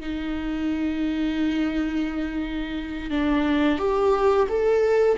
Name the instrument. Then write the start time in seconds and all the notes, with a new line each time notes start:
viola
0.00 D#4
3.10 D4
3.78 G4
4.48 A4